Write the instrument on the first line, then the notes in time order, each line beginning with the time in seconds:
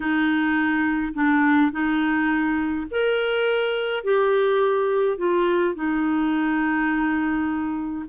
clarinet
0.00 D#4
1.14 D4
1.71 D#4
2.91 A#4
4.04 G4
5.17 F4
5.74 D#4